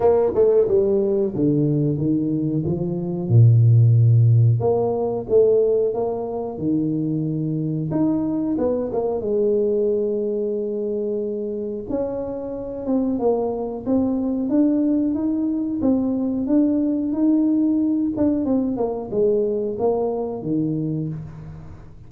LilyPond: \new Staff \with { instrumentName = "tuba" } { \time 4/4 \tempo 4 = 91 ais8 a8 g4 d4 dis4 | f4 ais,2 ais4 | a4 ais4 dis2 | dis'4 b8 ais8 gis2~ |
gis2 cis'4. c'8 | ais4 c'4 d'4 dis'4 | c'4 d'4 dis'4. d'8 | c'8 ais8 gis4 ais4 dis4 | }